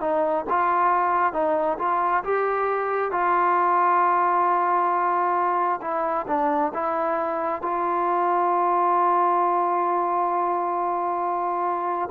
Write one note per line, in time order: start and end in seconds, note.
0.00 0.45 D#4
0.49 1.33 F4
1.33 1.77 D#4
1.78 2.23 F4
2.24 3.11 G4
3.11 5.80 F4
5.81 6.26 E4
6.27 6.72 D4
6.74 7.62 E4
7.62 12.09 F4